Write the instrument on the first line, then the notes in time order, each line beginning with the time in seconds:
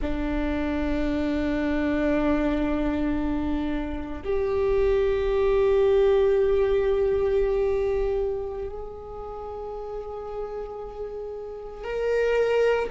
viola
0.01 D4
4.24 G4
8.68 G#4
11.84 A#4